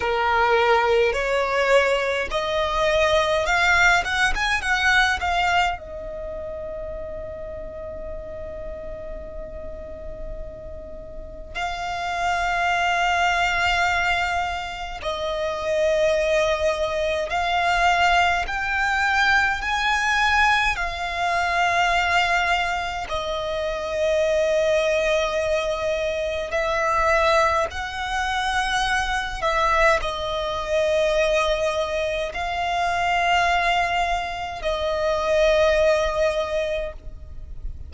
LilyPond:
\new Staff \with { instrumentName = "violin" } { \time 4/4 \tempo 4 = 52 ais'4 cis''4 dis''4 f''8 fis''16 gis''16 | fis''8 f''8 dis''2.~ | dis''2 f''2~ | f''4 dis''2 f''4 |
g''4 gis''4 f''2 | dis''2. e''4 | fis''4. e''8 dis''2 | f''2 dis''2 | }